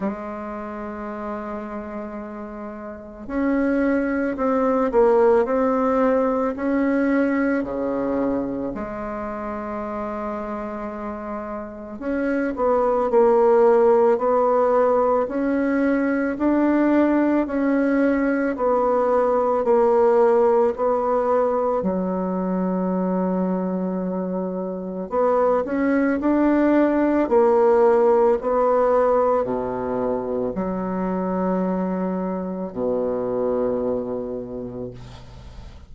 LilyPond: \new Staff \with { instrumentName = "bassoon" } { \time 4/4 \tempo 4 = 55 gis2. cis'4 | c'8 ais8 c'4 cis'4 cis4 | gis2. cis'8 b8 | ais4 b4 cis'4 d'4 |
cis'4 b4 ais4 b4 | fis2. b8 cis'8 | d'4 ais4 b4 b,4 | fis2 b,2 | }